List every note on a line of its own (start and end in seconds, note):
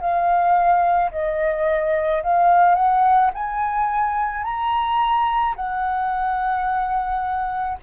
0.00 1.11 F5
1.11 2.22 D#5
2.23 2.75 F5
2.75 3.30 F#5
3.34 4.44 G#5
4.44 5.55 A#5
5.56 7.78 F#5